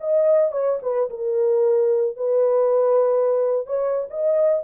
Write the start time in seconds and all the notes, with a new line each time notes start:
0.00 D#5
0.51 C#5
0.82 B4
1.09 A#4
2.16 B4
3.66 C#5
4.10 D#5